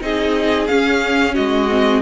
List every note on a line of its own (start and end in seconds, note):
0.00 0.68 C4
0.00 0.67 D#4
0.00 1.33 G#4
0.00 0.67 D#5
0.67 1.36 C#4
0.67 1.69 C#4
0.67 1.34 F5
1.33 2.01 G#3
1.33 2.01 F#4
1.33 2.01 D#5
1.69 2.01 C4